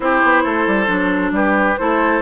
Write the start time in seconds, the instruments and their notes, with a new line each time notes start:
0.00 bassoon C4, clarinet E4, oboe G4, flute C5
0.22 bassoon B3
0.43 bassoon A3, oboe A4
0.67 bassoon G3
0.86 bassoon F#3, clarinet D4
1.31 bassoon G3, oboe G4, flute B4
1.77 bassoon A3, clarinet E4, oboe A4, flute C5